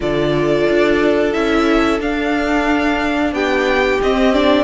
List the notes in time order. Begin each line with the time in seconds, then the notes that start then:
0.00 D3 F4 A4 D5
0.68 D4
1.32 C#4 E4 E5
1.99 D4 F5
3.32 B3 G4 G5
4.02 C4 D#5
4.33 D4 D5